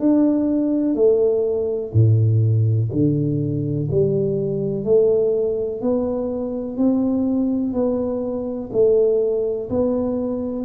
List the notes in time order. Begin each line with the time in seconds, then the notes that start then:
0.00 D4
0.95 A3
1.94 A2
2.92 D3
3.91 G3
4.85 A3
5.82 B3
6.77 C4
7.73 B3
8.72 A3
9.70 B3